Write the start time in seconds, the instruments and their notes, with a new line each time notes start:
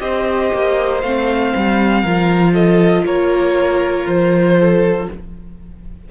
0.00 cello C4, viola G4, violin C5 D#5
0.54 cello A#3
1.01 cello A3, viola C4, violin F5
1.56 cello G3
2.02 cello F3, viola F4, violin A#4
2.53 violin A4 D#5
3.04 cello A#3, violin A#4 C#5
4.07 cello F3, violin C5
4.59 violin A4